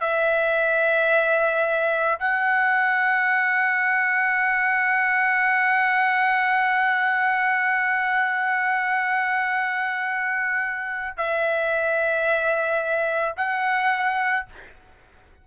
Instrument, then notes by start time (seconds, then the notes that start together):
trumpet
0.00 E5
2.19 F#5
11.17 E5
13.36 F#5